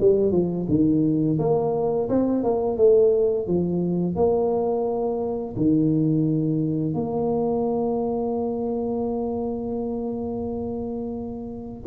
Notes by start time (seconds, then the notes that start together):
0.00 G3
0.31 F3
0.69 D#3
1.39 A#3
2.09 C4
2.44 A#3
2.77 A3
3.47 F3
4.16 A#3
5.57 D#3
6.94 A#3